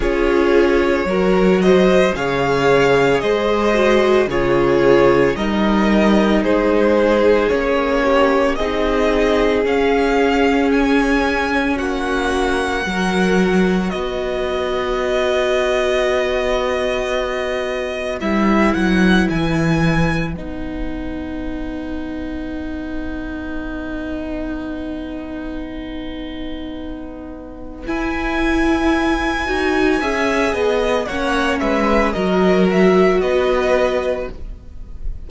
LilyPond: <<
  \new Staff \with { instrumentName = "violin" } { \time 4/4 \tempo 4 = 56 cis''4. dis''8 f''4 dis''4 | cis''4 dis''4 c''4 cis''4 | dis''4 f''4 gis''4 fis''4~ | fis''4 dis''2.~ |
dis''4 e''8 fis''8 gis''4 fis''4~ | fis''1~ | fis''2 gis''2~ | gis''4 fis''8 e''8 dis''8 e''8 dis''4 | }
  \new Staff \with { instrumentName = "violin" } { \time 4/4 gis'4 ais'8 c''8 cis''4 c''4 | gis'4 ais'4 gis'4. g'8 | gis'2. fis'4 | ais'4 b'2.~ |
b'1~ | b'1~ | b'1 | e''8 dis''8 cis''8 b'8 ais'4 b'4 | }
  \new Staff \with { instrumentName = "viola" } { \time 4/4 f'4 fis'4 gis'4. fis'8 | f'4 dis'2 cis'4 | dis'4 cis'2. | fis'1~ |
fis'4 e'2 dis'4~ | dis'1~ | dis'2 e'4. fis'8 | gis'4 cis'4 fis'2 | }
  \new Staff \with { instrumentName = "cello" } { \time 4/4 cis'4 fis4 cis4 gis4 | cis4 g4 gis4 ais4 | c'4 cis'2 ais4 | fis4 b2.~ |
b4 g8 fis8 e4 b4~ | b1~ | b2 e'4. dis'8 | cis'8 b8 ais8 gis8 fis4 b4 | }
>>